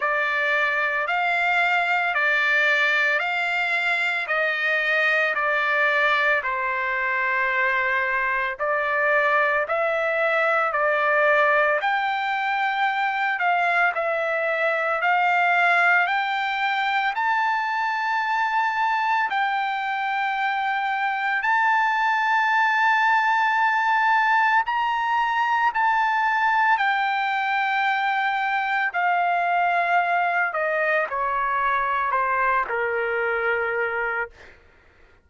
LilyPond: \new Staff \with { instrumentName = "trumpet" } { \time 4/4 \tempo 4 = 56 d''4 f''4 d''4 f''4 | dis''4 d''4 c''2 | d''4 e''4 d''4 g''4~ | g''8 f''8 e''4 f''4 g''4 |
a''2 g''2 | a''2. ais''4 | a''4 g''2 f''4~ | f''8 dis''8 cis''4 c''8 ais'4. | }